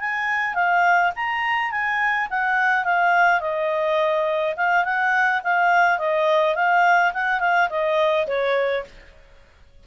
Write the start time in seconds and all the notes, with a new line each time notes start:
0.00 G#5
0.55 F5
1.15 A#5
1.71 G#5
2.30 F#5
2.84 F5
3.41 D#5
4.56 F5
4.84 F#5
5.43 F5
5.98 D#5
6.55 F5
7.14 F#5
7.40 F5
7.70 D#5
8.27 C#5